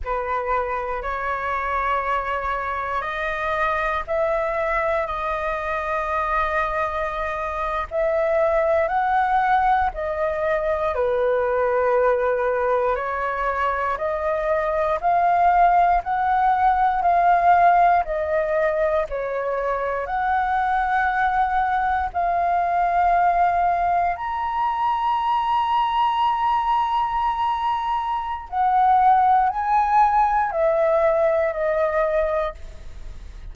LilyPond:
\new Staff \with { instrumentName = "flute" } { \time 4/4 \tempo 4 = 59 b'4 cis''2 dis''4 | e''4 dis''2~ dis''8. e''16~ | e''8. fis''4 dis''4 b'4~ b'16~ | b'8. cis''4 dis''4 f''4 fis''16~ |
fis''8. f''4 dis''4 cis''4 fis''16~ | fis''4.~ fis''16 f''2 ais''16~ | ais''1 | fis''4 gis''4 e''4 dis''4 | }